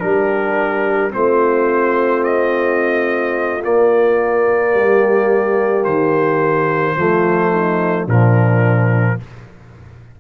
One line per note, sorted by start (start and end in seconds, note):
0.00 1.14 G3
0.00 1.10 D4
0.00 1.14 G4
0.00 1.11 A#4
1.10 3.65 A3
1.10 3.60 C4
1.10 4.72 F4
1.10 2.24 C5
2.24 3.63 D#5
3.63 6.97 A#3
3.63 4.75 A#3
3.63 5.84 D5
4.72 5.85 G3
4.72 6.94 G4
5.84 6.96 D#3
5.84 8.06 C5
6.97 8.07 F3
6.97 8.08 A3
6.97 7.51 F4
7.51 8.04 D#4
8.04 9.18 A#2
8.04 9.20 F3
8.04 9.16 D4
8.04 9.20 A#4